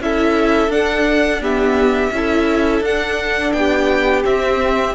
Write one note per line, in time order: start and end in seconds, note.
0.00 0.69 C#4
0.00 0.70 E4
0.00 1.41 A4
0.00 0.72 E5
0.69 2.10 D4
0.69 1.40 D4
0.69 1.42 F#5
1.41 2.12 B3
1.41 2.12 G4
1.41 2.84 E5
2.11 2.81 C#4
2.11 2.84 E4
2.11 3.57 A4
2.81 3.52 D4
2.81 4.24 D4
2.81 3.52 F#5
3.52 4.24 B3
3.52 4.95 G4
3.52 4.23 G5
4.24 4.95 C4
4.24 4.95 E5